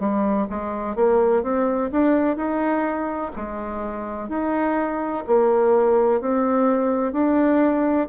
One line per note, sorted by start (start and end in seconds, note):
0.00 0.48 G3
0.50 0.96 G#3
0.96 1.43 A#3
1.43 1.90 C4
1.92 2.37 D4
2.37 3.32 D#4
3.36 4.29 G#3
4.29 5.24 D#4
5.27 6.21 A#3
6.21 7.13 C4
7.13 8.08 D4